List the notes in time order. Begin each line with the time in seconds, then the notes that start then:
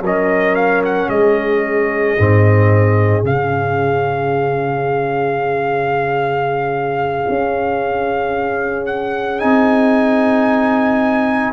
0.00 F#3 C#4 A#4 D#5
0.55 F5
0.84 F#5
1.08 G#3 G#4 D#5
2.17 G#2 C4
3.23 C#3 C#4 F5
7.28 C#4
8.85 F#5
9.39 C4 D#4 G#5